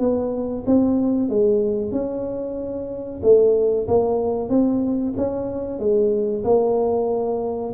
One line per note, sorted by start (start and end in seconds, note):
0.00 0.65 B3
0.67 1.29 C4
1.29 1.92 G#3
1.92 3.21 C#4
3.23 3.87 A3
3.88 4.50 A#3
4.50 5.14 C4
5.17 5.79 C#4
5.79 6.44 G#3
6.44 7.73 A#3